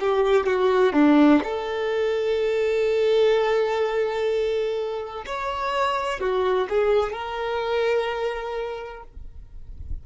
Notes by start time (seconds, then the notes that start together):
0.00 G4
0.46 F#4
0.93 D4
1.44 A4
5.26 C#5
6.20 F#4
6.69 G#4
7.13 A#4